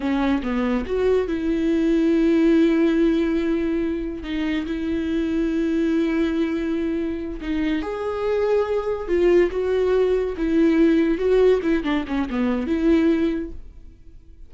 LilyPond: \new Staff \with { instrumentName = "viola" } { \time 4/4 \tempo 4 = 142 cis'4 b4 fis'4 e'4~ | e'1~ | e'2 dis'4 e'4~ | e'1~ |
e'4. dis'4 gis'4.~ | gis'4. f'4 fis'4.~ | fis'8 e'2 fis'4 e'8 | d'8 cis'8 b4 e'2 | }